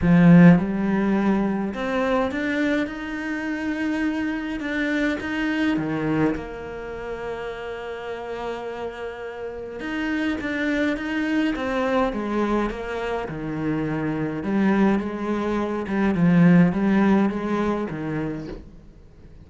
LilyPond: \new Staff \with { instrumentName = "cello" } { \time 4/4 \tempo 4 = 104 f4 g2 c'4 | d'4 dis'2. | d'4 dis'4 dis4 ais4~ | ais1~ |
ais4 dis'4 d'4 dis'4 | c'4 gis4 ais4 dis4~ | dis4 g4 gis4. g8 | f4 g4 gis4 dis4 | }